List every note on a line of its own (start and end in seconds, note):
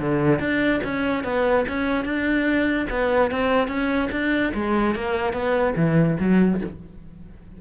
0.00 0.40 D3
0.40 0.81 D4
0.84 1.24 C#4
1.24 1.65 B3
1.68 2.05 C#4
2.05 2.87 D4
2.90 3.31 B3
3.32 3.68 C4
3.68 4.09 C#4
4.12 4.53 D4
4.54 4.96 G#3
4.96 5.33 A#3
5.33 5.74 B3
5.76 6.17 E3
6.20 6.61 F#3